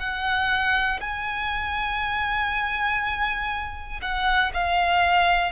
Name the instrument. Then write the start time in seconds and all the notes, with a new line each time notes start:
violin
0.00 F#5
1.01 G#5
4.02 F#5
4.54 F5